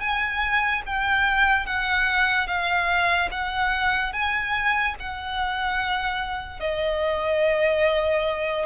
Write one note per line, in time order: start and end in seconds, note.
0.00 0.82 G#5
0.86 1.66 G5
1.66 2.47 F#5
2.47 3.29 F5
3.31 4.13 F#5
4.13 4.95 G#5
5.00 6.60 F#5
6.60 8.66 D#5